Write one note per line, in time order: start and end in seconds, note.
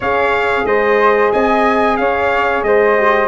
0.00 0.64 C#4
0.00 2.97 G#4
0.00 0.63 C#5
0.00 0.66 F5
0.64 1.30 G#3
0.64 1.31 C5
0.64 1.32 D#5
1.31 1.98 C4
1.31 1.97 D#5
1.31 1.96 G#5
1.96 2.62 C#4
1.96 2.66 C#5
1.96 2.62 F5
2.62 3.28 G#3
2.62 3.28 C5
2.62 3.28 D#5
2.97 3.28 G4